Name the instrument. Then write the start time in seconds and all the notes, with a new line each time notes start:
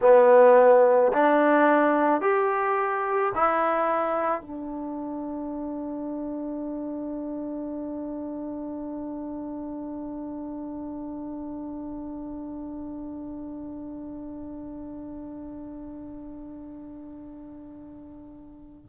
trombone
0.01 B3
1.12 D4
2.21 G4
3.34 E4
4.41 D4